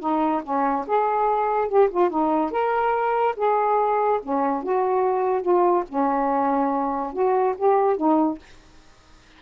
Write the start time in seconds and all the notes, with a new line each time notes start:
0.00 D#4
0.43 C#4
0.87 G#4
1.68 G4
1.90 F4
2.10 D#4
2.51 A#4
3.36 G#4
4.23 C#4
4.63 F#4
5.42 F4
5.89 C#4
7.13 F#4
7.57 G4
7.96 D#4